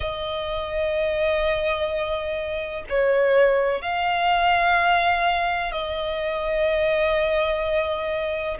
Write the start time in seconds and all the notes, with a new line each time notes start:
0.00 D#5
2.89 C#5
3.81 F5
5.71 D#5